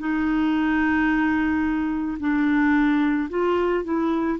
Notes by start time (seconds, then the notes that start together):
0.00 D#4
2.20 D4
3.30 F4
3.84 E4